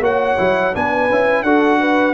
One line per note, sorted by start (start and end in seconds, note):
0.00 0.36 A#3
0.00 0.38 F#4
0.00 0.74 C#5
0.00 0.76 F#5
0.38 0.75 F#3
0.38 0.74 E4
0.74 1.10 B3
0.74 1.10 D4
0.74 1.44 B4
0.74 1.44 G#5
1.10 1.43 C#4
1.10 1.46 E4
1.43 2.14 D4
1.43 2.14 F#4
1.43 1.80 A4
1.43 2.14 F#5
1.80 2.14 B4